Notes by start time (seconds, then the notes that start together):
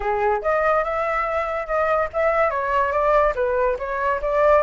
0.00 G#4
0.42 D#5
0.84 E5
1.66 D#5
2.13 E5
2.50 C#5
2.91 D5
3.35 B4
3.79 C#5
4.21 D5